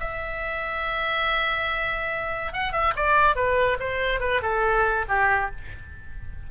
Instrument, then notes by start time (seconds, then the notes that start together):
oboe
0.00 E5
2.53 F#5
2.73 E5
2.96 D5
3.36 B4
3.80 C5
4.20 B4
4.42 A4
5.09 G4